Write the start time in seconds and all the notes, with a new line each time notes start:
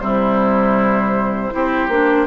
0.00 C3 G3 E4 C5
1.51 C4 E4 G4
1.88 A#3 D4